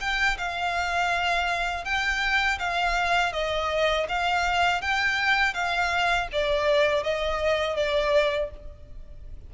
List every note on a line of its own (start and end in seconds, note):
0.00 0.37 G5
0.38 1.85 F5
1.85 2.59 G5
2.59 3.33 F5
3.33 4.07 D#5
4.08 4.81 F5
4.81 5.53 G5
5.53 6.28 F5
6.32 7.03 D5
7.03 7.76 D#5
7.76 8.50 D5